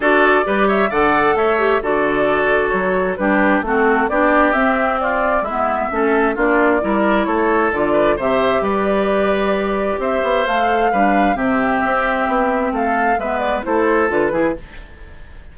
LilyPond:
<<
  \new Staff \with { instrumentName = "flute" } { \time 4/4 \tempo 4 = 132 d''4. e''8 fis''4 e''4 | d''2 cis''4 b'4 | a'4 d''4 e''4 d''4 | e''2 d''2 |
cis''4 d''4 e''4 d''4~ | d''2 e''4 f''4~ | f''4 e''2. | f''4 e''8 d''8 c''4 b'4 | }
  \new Staff \with { instrumentName = "oboe" } { \time 4/4 a'4 b'8 cis''8 d''4 cis''4 | a'2. g'4 | fis'4 g'2 f'4 | e'4 a'4 f'4 ais'4 |
a'4. b'8 c''4 b'4~ | b'2 c''2 | b'4 g'2. | a'4 b'4 a'4. gis'8 | }
  \new Staff \with { instrumentName = "clarinet" } { \time 4/4 fis'4 g'4 a'4. g'8 | fis'2. d'4 | c'4 d'4 c'2 | b4 cis'4 d'4 e'4~ |
e'4 f'4 g'2~ | g'2. a'4 | d'4 c'2.~ | c'4 b4 e'4 f'8 e'8 | }
  \new Staff \with { instrumentName = "bassoon" } { \time 4/4 d'4 g4 d4 a4 | d2 fis4 g4 | a4 b4 c'2 | gis4 a4 ais4 g4 |
a4 d4 c4 g4~ | g2 c'8 b8 a4 | g4 c4 c'4 b4 | a4 gis4 a4 d8 e8 | }
>>